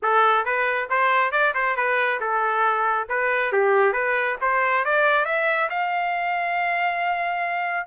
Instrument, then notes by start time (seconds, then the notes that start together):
trumpet
0.02 A4
0.45 B4
0.89 C5
1.31 D5
1.54 C5
1.76 B4
2.20 A4
3.08 B4
3.52 G4
3.92 B4
4.41 C5
4.84 D5
5.25 E5
5.69 F5